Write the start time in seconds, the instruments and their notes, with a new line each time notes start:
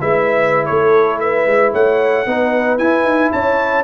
0.00 tuba G#3, trombone E4, horn B4, trumpet E5
0.65 tuba A3, horn A4, trumpet C#5
1.19 horn B4, trumpet E5
1.46 tuba G#3
1.72 tuba A3, horn C#5, trumpet F#5
2.26 tuba B3, trombone D#4, horn B4
2.78 trombone E4, tuba E4, trumpet G#5
3.04 tuba D#4
3.32 tuba C#4, horn C#5, trumpet A5